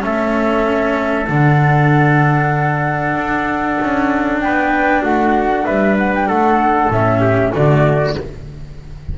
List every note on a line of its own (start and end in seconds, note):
0.00 1.29 A3
0.00 1.25 C#4
0.00 4.43 A4
0.00 1.28 E5
1.28 3.16 D3
1.28 6.92 D4
1.28 4.40 F#5
3.16 3.78 D4
3.80 4.42 C#4
4.40 5.03 B3
4.40 5.02 B4
4.40 5.02 G5
5.02 5.65 A3
5.02 5.65 F#4
5.02 5.65 F#5
5.65 6.30 G3
5.65 6.27 B4
5.65 5.96 E5
5.98 6.13 F#5
6.14 6.28 G5
6.27 6.89 A3
6.27 7.20 A4
6.27 6.91 F#5
6.89 7.52 A2
6.89 7.53 C#4
6.89 7.54 E5
7.20 7.52 G4
7.53 8.17 D3
7.53 8.15 A3
7.53 8.17 F#4
7.53 8.18 D5